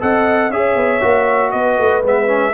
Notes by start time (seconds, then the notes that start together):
0.00 C4 A4 D#5 F#5
0.50 C#4 G#4 C#5 E5
0.75 B3
1.01 A#3 F#4
1.51 B3 B4 D#5
1.78 A3
2.03 G#3 B3 E5
2.27 C#4